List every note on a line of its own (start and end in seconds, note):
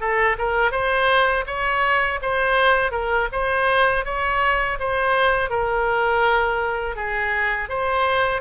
0.00 0.37 A4
0.38 0.72 A#4
0.72 1.45 C5
1.46 2.20 C#5
2.22 2.91 C5
2.91 3.28 A#4
3.32 4.05 C5
4.05 4.78 C#5
4.79 5.50 C5
5.50 6.96 A#4
6.96 7.69 G#4
7.69 8.41 C5